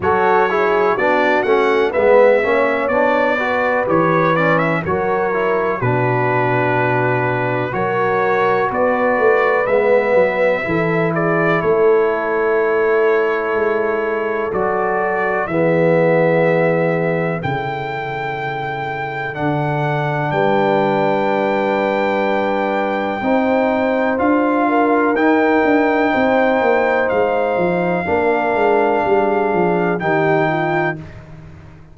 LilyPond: <<
  \new Staff \with { instrumentName = "trumpet" } { \time 4/4 \tempo 4 = 62 cis''4 d''8 fis''8 e''4 d''4 | cis''8 d''16 e''16 cis''4 b'2 | cis''4 d''4 e''4. d''8 | cis''2. d''4 |
e''2 g''2 | fis''4 g''2.~ | g''4 f''4 g''2 | f''2. g''4 | }
  \new Staff \with { instrumentName = "horn" } { \time 4/4 a'8 gis'8 fis'4 b'8 cis''4 b'8~ | b'4 ais'4 fis'2 | ais'4 b'2 a'8 gis'8 | a'1 |
gis'2 a'2~ | a'4 b'2. | c''4. ais'4. c''4~ | c''4 ais'4 gis'4 g'8 f'8 | }
  \new Staff \with { instrumentName = "trombone" } { \time 4/4 fis'8 e'8 d'8 cis'8 b8 cis'8 d'8 fis'8 | g'8 cis'8 fis'8 e'8 d'2 | fis'2 b4 e'4~ | e'2. fis'4 |
b2 e'2 | d'1 | dis'4 f'4 dis'2~ | dis'4 d'2 dis'4 | }
  \new Staff \with { instrumentName = "tuba" } { \time 4/4 fis4 b8 a8 gis8 ais8 b4 | e4 fis4 b,2 | fis4 b8 a8 gis8 fis8 e4 | a2 gis4 fis4 |
e2 cis2 | d4 g2. | c'4 d'4 dis'8 d'8 c'8 ais8 | gis8 f8 ais8 gis8 g8 f8 dis4 | }
>>